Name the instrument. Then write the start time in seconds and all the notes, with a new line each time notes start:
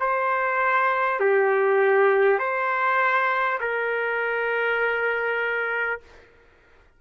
trumpet
0.00 C5
1.20 G4
2.39 C5
3.60 A#4